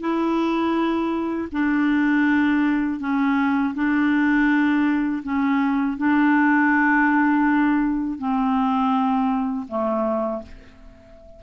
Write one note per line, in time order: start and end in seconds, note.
0.00 1.48 E4
1.52 3.00 D4
3.00 3.74 C#4
3.74 5.22 D4
5.23 5.97 C#4
5.97 8.18 D4
8.18 9.66 C4
9.68 10.42 A3